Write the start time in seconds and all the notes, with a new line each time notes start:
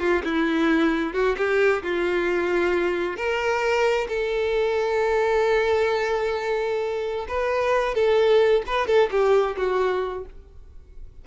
0.00 F4
0.24 E4
1.14 F#4
1.38 G4
1.83 F4
3.17 A#4
4.09 A4
7.29 B4
7.95 A4
8.67 B4
8.88 A4
9.11 G4
9.57 F#4